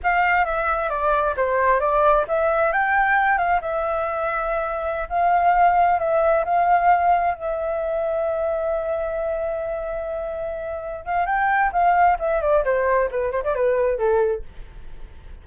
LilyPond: \new Staff \with { instrumentName = "flute" } { \time 4/4 \tempo 4 = 133 f''4 e''4 d''4 c''4 | d''4 e''4 g''4. f''8 | e''2.~ e''16 f''8.~ | f''4~ f''16 e''4 f''4.~ f''16~ |
f''16 e''2.~ e''8.~ | e''1~ | e''8 f''8 g''4 f''4 e''8 d''8 | c''4 b'8 c''16 d''16 b'4 a'4 | }